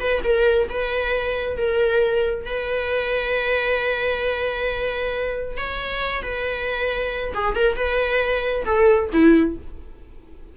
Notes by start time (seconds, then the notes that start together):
0.00 B4
0.24 A#4
0.70 B4
1.57 A#4
2.46 B4
5.58 C#5
6.23 B4
7.35 G#4
7.56 A#4
7.76 B4
8.66 A4
9.13 E4